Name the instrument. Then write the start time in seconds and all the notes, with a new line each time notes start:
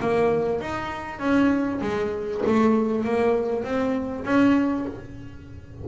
double bass
0.00 A#3
0.61 D#4
1.19 C#4
1.81 G#3
2.46 A3
3.04 A#3
3.64 C4
4.25 C#4